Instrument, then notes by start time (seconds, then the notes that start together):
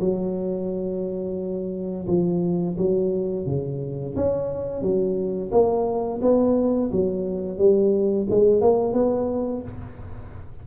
tuba
0.00 F#3
2.07 F3
2.77 F#3
3.46 C#3
4.16 C#4
4.82 F#3
5.51 A#3
6.22 B3
6.92 F#3
7.58 G3
8.30 G#3
8.61 A#3
8.93 B3